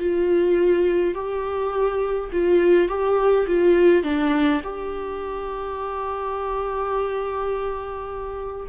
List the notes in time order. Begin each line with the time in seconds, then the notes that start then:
0.00 F4
1.15 G4
2.33 F4
2.89 G4
3.47 F4
4.04 D4
4.64 G4